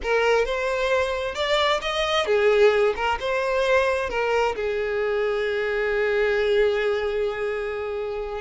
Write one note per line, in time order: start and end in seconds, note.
0.02 0.45 A#4
0.45 1.35 C5
1.35 1.80 D5
1.81 2.25 D#5
2.25 2.94 G#4
2.95 3.18 A#4
3.20 4.09 C5
4.09 4.55 A#4
4.55 8.41 G#4